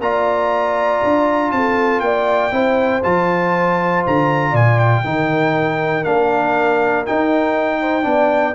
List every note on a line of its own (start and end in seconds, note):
0.00 1.01 A#3
0.00 2.51 F4
0.00 1.54 D5
0.00 1.52 A#5
1.04 1.52 D4
1.52 2.01 C4
1.52 2.04 A4
1.52 2.00 A5
2.00 2.51 A#3
2.00 2.54 D5
2.00 3.01 G5
2.51 3.02 C4
2.51 3.02 E4
2.51 4.51 C5
3.03 4.06 F3
3.03 5.04 F4
3.03 4.04 A5
4.07 4.53 D3
4.07 4.56 A#5
4.51 5.03 A#2
4.51 5.01 D5
4.51 4.79 G#5
4.79 6.04 G5
5.04 6.05 D#3
5.04 6.05 D#4
5.04 7.80 A#4
6.04 7.06 A#3
6.04 7.06 D4
6.04 7.05 F5
7.06 8.03 D#4
7.06 8.05 D#4
7.06 8.55 G5
7.80 8.06 C5
8.03 8.55 B3
8.03 8.53 D4
8.03 8.55 D5